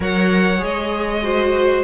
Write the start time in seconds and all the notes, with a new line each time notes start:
0.00 F#3 A#4 C#5 F#5
0.58 G#3 G#4 D#5
1.23 F#4 C5